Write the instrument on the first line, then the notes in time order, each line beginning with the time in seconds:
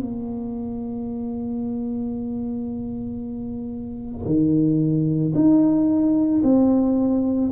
tuba
0.00 A#3
4.26 D#3
5.35 D#4
6.43 C4